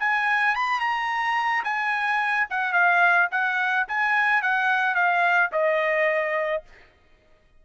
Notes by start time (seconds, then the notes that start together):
0.00 G#5
0.56 B5
0.81 A#5
1.64 G#5
2.51 F#5
2.73 F5
3.32 F#5
3.88 G#5
4.42 F#5
4.95 F5
5.53 D#5